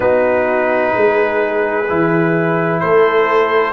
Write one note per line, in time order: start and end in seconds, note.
0.00 0.94 B3
0.00 1.85 D#4
0.00 0.93 F#4
0.00 2.80 B4
0.94 1.90 G#3
0.94 2.82 G#4
1.88 2.83 E3
1.88 3.72 E4
2.80 3.72 A3
2.80 3.72 A4
2.80 3.72 C5